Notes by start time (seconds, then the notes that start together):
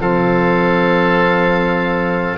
0.00 F3 C4 A4 F5